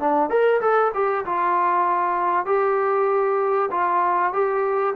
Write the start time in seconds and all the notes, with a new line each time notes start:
0.00 D4
0.30 A#4
0.61 A4
0.94 G4
1.26 F4
2.46 G4
3.71 F4
4.33 G4